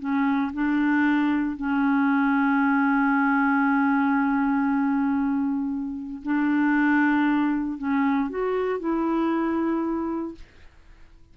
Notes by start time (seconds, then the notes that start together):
0.00 C#4
0.53 D4
1.57 C#4
6.23 D4
7.78 C#4
8.30 F#4
8.80 E4